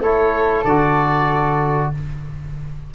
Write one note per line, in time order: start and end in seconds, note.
0.00 0.63 A3
0.00 0.65 E4
0.00 1.91 A4
0.00 0.64 C#5
0.64 1.90 D3
0.64 1.94 F#4
0.64 1.91 D5